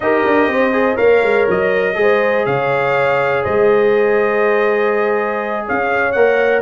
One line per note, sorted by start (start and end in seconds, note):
0.00 0.24 D#4
0.00 0.72 G4
0.00 0.50 A#4
0.00 0.97 D#5
0.25 0.47 D4
0.47 0.96 C4
0.47 0.96 C5
0.72 0.95 G#4
0.95 1.22 A#3
0.95 1.94 A#4
0.95 1.94 C#5
0.95 1.46 F5
1.22 1.46 G#3
1.49 1.96 F#3
1.49 2.45 D#5
1.94 2.45 G#3
1.94 6.12 G#4
1.94 2.46 C5
2.45 3.44 C#3
2.45 3.43 C#5
2.45 3.44 F5
3.43 5.67 G#3
3.43 5.64 C5
3.43 5.65 D#5
5.65 6.15 C#4
5.65 6.62 C#5
5.65 6.12 F5
6.12 6.62 A#3
6.12 6.62 A#4
6.12 6.61 F#5